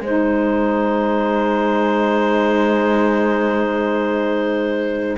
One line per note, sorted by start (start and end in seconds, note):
0.00 5.16 G#3
0.00 5.17 D#4
0.00 5.17 C5
0.00 5.17 G#5